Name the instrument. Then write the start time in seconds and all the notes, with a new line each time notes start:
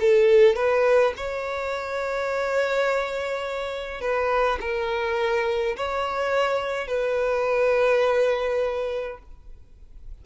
violin
0.00 A4
0.56 B4
1.16 C#5
4.01 B4
4.60 A#4
5.76 C#5
6.87 B4